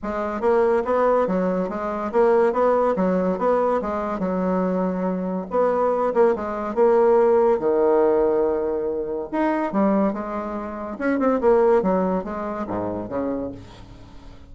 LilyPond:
\new Staff \with { instrumentName = "bassoon" } { \time 4/4 \tempo 4 = 142 gis4 ais4 b4 fis4 | gis4 ais4 b4 fis4 | b4 gis4 fis2~ | fis4 b4. ais8 gis4 |
ais2 dis2~ | dis2 dis'4 g4 | gis2 cis'8 c'8 ais4 | fis4 gis4 gis,4 cis4 | }